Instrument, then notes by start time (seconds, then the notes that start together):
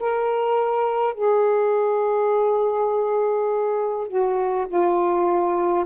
saxophone
0.00 A#4
1.14 G#4
4.07 F#4
4.67 F4